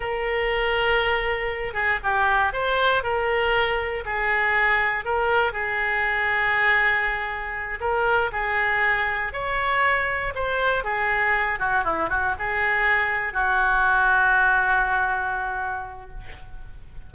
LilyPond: \new Staff \with { instrumentName = "oboe" } { \time 4/4 \tempo 4 = 119 ais'2.~ ais'8 gis'8 | g'4 c''4 ais'2 | gis'2 ais'4 gis'4~ | gis'2.~ gis'8 ais'8~ |
ais'8 gis'2 cis''4.~ | cis''8 c''4 gis'4. fis'8 e'8 | fis'8 gis'2 fis'4.~ | fis'1 | }